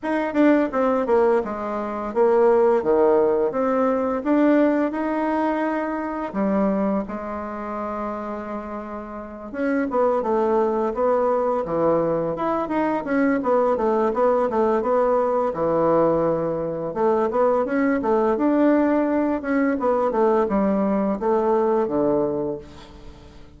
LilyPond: \new Staff \with { instrumentName = "bassoon" } { \time 4/4 \tempo 4 = 85 dis'8 d'8 c'8 ais8 gis4 ais4 | dis4 c'4 d'4 dis'4~ | dis'4 g4 gis2~ | gis4. cis'8 b8 a4 b8~ |
b8 e4 e'8 dis'8 cis'8 b8 a8 | b8 a8 b4 e2 | a8 b8 cis'8 a8 d'4. cis'8 | b8 a8 g4 a4 d4 | }